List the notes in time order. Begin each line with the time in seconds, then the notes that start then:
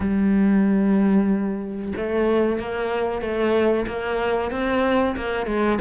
0.00 G3
1.96 A3
2.59 A#3
3.21 A3
3.87 A#3
4.51 C4
5.16 A#3
5.46 G#3